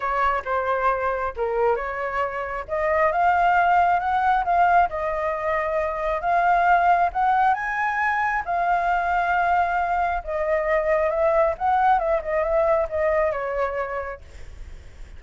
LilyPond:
\new Staff \with { instrumentName = "flute" } { \time 4/4 \tempo 4 = 135 cis''4 c''2 ais'4 | cis''2 dis''4 f''4~ | f''4 fis''4 f''4 dis''4~ | dis''2 f''2 |
fis''4 gis''2 f''4~ | f''2. dis''4~ | dis''4 e''4 fis''4 e''8 dis''8 | e''4 dis''4 cis''2 | }